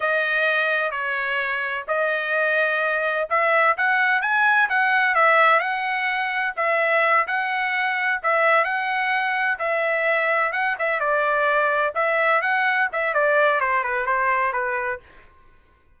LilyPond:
\new Staff \with { instrumentName = "trumpet" } { \time 4/4 \tempo 4 = 128 dis''2 cis''2 | dis''2. e''4 | fis''4 gis''4 fis''4 e''4 | fis''2 e''4. fis''8~ |
fis''4. e''4 fis''4.~ | fis''8 e''2 fis''8 e''8 d''8~ | d''4. e''4 fis''4 e''8 | d''4 c''8 b'8 c''4 b'4 | }